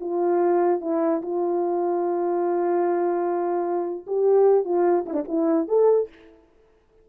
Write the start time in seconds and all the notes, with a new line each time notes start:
0.00 F4
0.81 E4
1.22 F4
4.06 G4
4.64 F4
5.06 E4
5.13 D4
5.28 E4
5.68 A4